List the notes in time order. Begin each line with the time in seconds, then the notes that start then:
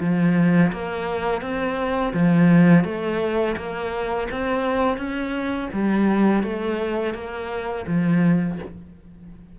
0.00 F3
0.72 A#3
1.41 C4
2.13 F3
2.84 A3
3.56 A#3
4.31 C4
4.97 C#4
5.72 G3
6.43 A3
7.14 A#3
7.87 F3